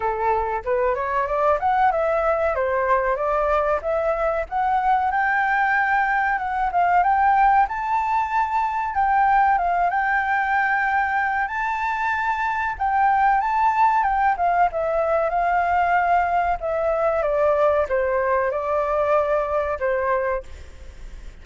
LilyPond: \new Staff \with { instrumentName = "flute" } { \time 4/4 \tempo 4 = 94 a'4 b'8 cis''8 d''8 fis''8 e''4 | c''4 d''4 e''4 fis''4 | g''2 fis''8 f''8 g''4 | a''2 g''4 f''8 g''8~ |
g''2 a''2 | g''4 a''4 g''8 f''8 e''4 | f''2 e''4 d''4 | c''4 d''2 c''4 | }